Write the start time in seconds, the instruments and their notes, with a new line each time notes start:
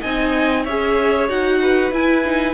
0.00 cello C4, viola D#4, violin D#5 G#5
0.64 cello C#4, viola G#4, violin C#5 E5
1.29 cello D#4, viola F#4, violin F#5
1.61 violin B4
1.91 cello E4, viola E4, violin G#5
2.24 viola D#4